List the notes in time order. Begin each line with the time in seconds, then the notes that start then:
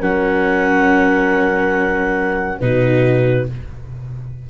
0.00 F#3 C#4 A#4 F#5
2.59 B2 D#4 F#4 B4